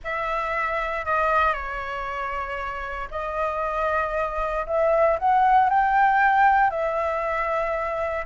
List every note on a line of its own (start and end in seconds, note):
0.04 1.05 E5
1.05 1.53 D#5
1.53 3.08 C#5
3.10 4.66 D#5
4.66 5.17 E5
5.18 5.69 F#5
5.69 6.70 G5
6.70 8.25 E5